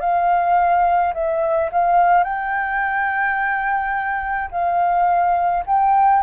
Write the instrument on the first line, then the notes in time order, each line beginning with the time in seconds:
flute
0.00 F5
1.14 E5
1.72 F5
2.23 G5
4.51 F5
5.66 G5